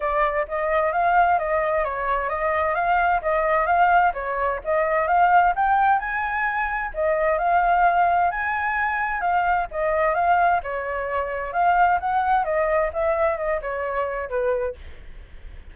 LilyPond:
\new Staff \with { instrumentName = "flute" } { \time 4/4 \tempo 4 = 130 d''4 dis''4 f''4 dis''4 | cis''4 dis''4 f''4 dis''4 | f''4 cis''4 dis''4 f''4 | g''4 gis''2 dis''4 |
f''2 gis''2 | f''4 dis''4 f''4 cis''4~ | cis''4 f''4 fis''4 dis''4 | e''4 dis''8 cis''4. b'4 | }